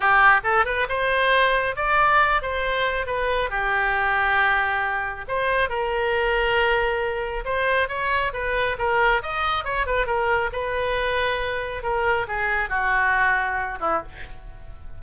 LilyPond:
\new Staff \with { instrumentName = "oboe" } { \time 4/4 \tempo 4 = 137 g'4 a'8 b'8 c''2 | d''4. c''4. b'4 | g'1 | c''4 ais'2.~ |
ais'4 c''4 cis''4 b'4 | ais'4 dis''4 cis''8 b'8 ais'4 | b'2. ais'4 | gis'4 fis'2~ fis'8 e'8 | }